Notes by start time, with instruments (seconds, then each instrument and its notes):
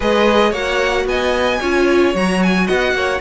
0.00 cello G#3, viola G#4, violin B4 D#5
0.50 cello A#3, viola F#4, violin C#5 F#5
1.05 cello B3, violin D#5 G#5
1.60 cello C#4, viola F4, violin C#5
2.14 cello F#3, viola F#4, violin A#5
2.43 violin G#5
2.66 cello B3, violin D#5 F#5
2.93 cello A#3, violin C#5